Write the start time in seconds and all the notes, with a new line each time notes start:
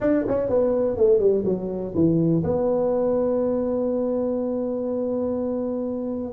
0.00 D4
0.27 C#4
0.49 B3
0.96 A3
1.19 G3
1.45 F#3
1.94 E3
2.43 B3